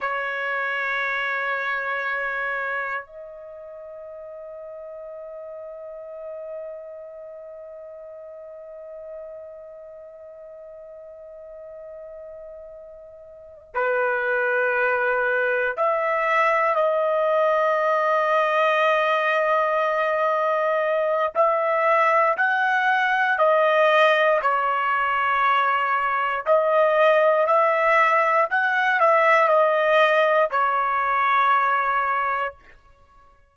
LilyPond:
\new Staff \with { instrumentName = "trumpet" } { \time 4/4 \tempo 4 = 59 cis''2. dis''4~ | dis''1~ | dis''1~ | dis''4. b'2 e''8~ |
e''8 dis''2.~ dis''8~ | dis''4 e''4 fis''4 dis''4 | cis''2 dis''4 e''4 | fis''8 e''8 dis''4 cis''2 | }